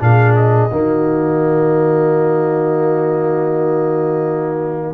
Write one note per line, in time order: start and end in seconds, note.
0.00 0.71 A#2
0.00 0.71 D4
0.00 0.72 G#4
0.00 0.36 F5
0.36 4.94 D#5
0.72 4.94 D#3
0.72 4.94 A#3
0.72 4.94 F#4